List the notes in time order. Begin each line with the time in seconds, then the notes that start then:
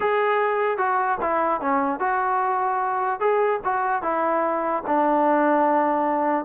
0.00 G#4
0.77 F#4
1.20 E4
1.60 C#4
1.99 F#4
3.20 G#4
3.64 F#4
4.02 E4
4.86 D4